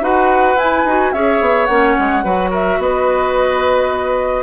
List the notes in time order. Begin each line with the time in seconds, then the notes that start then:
0.00 D#4 F#4 B4 F#5
0.55 E4 G#5
0.84 D#4 F#4
1.12 C#4 G#4 C#5 E5
1.40 B3
1.66 A#3 C#4 F#5
1.99 G#3
2.24 F#3 F#4 B4
2.50 A#4 E5
2.78 B3 B4 D#5